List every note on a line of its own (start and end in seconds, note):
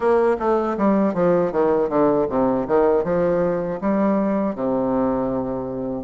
0.00 0.36 A#3
0.39 0.77 A3
0.77 1.14 G3
1.14 1.52 F3
1.52 1.88 D#3
1.88 2.26 D3
2.29 2.67 C3
2.67 3.04 D#3
3.04 3.80 F3
3.80 4.55 G3
4.55 6.04 C3